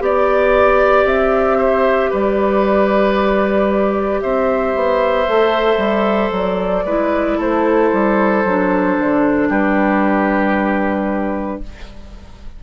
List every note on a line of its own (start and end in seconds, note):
0.00 1.05 B3
0.00 5.26 G4
0.00 1.58 D5
0.00 1.08 D5
1.05 2.10 C4
1.05 2.13 E5
1.58 2.11 C5
2.11 4.24 G3
2.11 4.21 B4
2.11 4.21 D5
4.21 4.75 C4
4.21 6.86 C5
4.21 6.32 E5
4.75 5.28 B3
5.28 5.78 A3
5.28 6.86 A4
5.78 6.31 G3
6.32 6.84 F#3
6.32 7.41 D5
6.85 7.37 G#3
6.85 8.46 E4
6.85 7.38 B4
7.38 7.92 A3
7.38 9.48 A4
7.38 9.52 C5
7.93 8.45 G3
8.45 8.98 F#3
8.45 11.63 D4
9.00 9.50 D3
9.49 11.61 G3
9.49 11.60 G4
9.49 11.62 B4